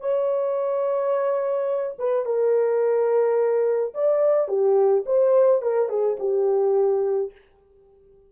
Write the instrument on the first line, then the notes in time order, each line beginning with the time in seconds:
horn
0.00 C#5
1.98 B4
2.25 A#4
3.94 D5
4.48 G4
5.05 C5
5.62 A#4
5.89 G#4
6.19 G4